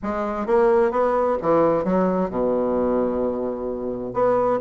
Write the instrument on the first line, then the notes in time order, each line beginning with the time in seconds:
bassoon
0.03 G#3
0.46 A#3
0.91 B3
1.42 E3
1.84 F#3
2.30 B2
4.13 B3